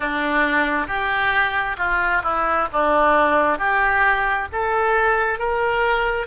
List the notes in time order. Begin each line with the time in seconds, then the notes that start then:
0.00 D4
0.87 G4
1.77 F4
2.23 E4
2.72 D4
3.58 G4
4.52 A4
5.39 A#4